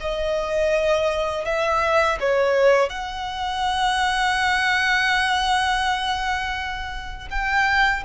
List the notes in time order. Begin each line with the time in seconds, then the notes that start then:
0.00 D#5
1.45 E5
2.20 C#5
2.89 F#5
7.30 G5